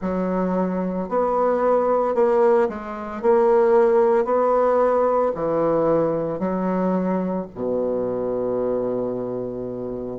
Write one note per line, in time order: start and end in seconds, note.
0.01 1.08 F#3
1.09 2.14 B3
2.14 2.68 A#3
2.68 3.21 G#3
3.21 4.24 A#3
4.24 5.31 B3
5.35 6.39 E3
6.39 7.46 F#3
7.54 10.19 B2